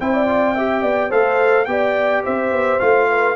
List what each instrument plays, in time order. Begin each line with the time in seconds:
0.00 tuba C4, trombone E4, horn C5, trumpet G5
0.13 horn D5
0.27 trombone F4
0.55 trombone G4, horn E5
0.83 tuba B3, horn D5
1.10 tuba A3, trombone A4, horn C5, trumpet F5
1.65 tuba B3, trombone G4, horn D5, trumpet G5
2.24 tuba C4, horn C5, trumpet E5
2.52 tuba B3
2.80 tuba A3, trombone F4, trumpet F5
3.09 horn B4